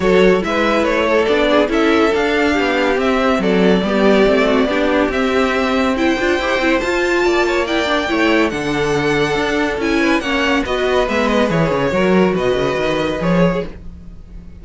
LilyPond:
<<
  \new Staff \with { instrumentName = "violin" } { \time 4/4 \tempo 4 = 141 cis''4 e''4 cis''4 d''4 | e''4 f''2 e''4 | d''1 | e''2 g''2 |
a''2 g''2 | fis''2. gis''4 | fis''4 dis''4 e''8 dis''8 cis''4~ | cis''4 dis''2 cis''4 | }
  \new Staff \with { instrumentName = "violin" } { \time 4/4 a'4 b'4. a'4 gis'8 | a'2 g'2 | a'4 g'4. fis'8 g'4~ | g'2 c''2~ |
c''4 d''8 cis''8 d''4 cis''4 | a'2.~ a'8 b'8 | cis''4 b'2. | ais'4 b'2~ b'8. gis'16 | }
  \new Staff \with { instrumentName = "viola" } { \time 4/4 fis'4 e'2 d'4 | e'4 d'2 c'4~ | c'4 b4 c'4 d'4 | c'2 e'8 f'8 g'8 e'8 |
f'2 e'8 d'8 e'4 | d'2. e'4 | cis'4 fis'4 b4 gis'4 | fis'2. gis'4 | }
  \new Staff \with { instrumentName = "cello" } { \time 4/4 fis4 gis4 a4 b4 | cis'4 d'4 b4 c'4 | fis4 g4 a4 b4 | c'2~ c'8 d'8 e'8 c'8 |
f'4 ais2 a4 | d2 d'4 cis'4 | ais4 b4 gis4 e8 cis8 | fis4 b,8 cis8 dis4 f4 | }
>>